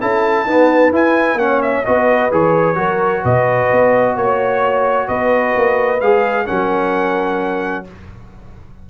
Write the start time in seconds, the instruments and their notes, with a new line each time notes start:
0.00 tuba C#4, trombone E4, horn A4, trumpet A5
0.45 trombone B3, tuba D#4, horn B4
0.91 tuba E4, trombone E4, trumpet G#5
1.34 tuba A#3, trombone C#4, trumpet F#5
1.41 horn C#5
1.62 trumpet E5
1.85 tuba B3, trombone F#4, horn B4, trumpet D#5
2.31 tuba E3, trombone G#4, trumpet C#5
2.75 tuba F#3, trombone F#4, horn A#4
3.22 tuba B2, horn B4, trumpet D#5
3.72 tuba B3
4.15 tuba A#3, horn C#5, trumpet C#5
5.07 tuba B3, horn B4, trumpet D#5
5.56 tuba A#3
6.00 tuba G#3, trombone G#4, trumpet F5
6.46 tuba F#3, trombone C#4, horn A#4, trumpet F#5